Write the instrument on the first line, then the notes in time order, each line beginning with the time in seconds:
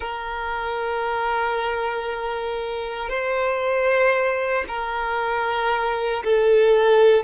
violin
0.00 A#4
3.09 C5
4.67 A#4
6.24 A4